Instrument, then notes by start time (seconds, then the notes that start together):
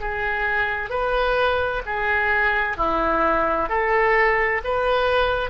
oboe
0.00 G#4
0.90 B4
1.86 G#4
2.77 E4
3.69 A4
4.64 B4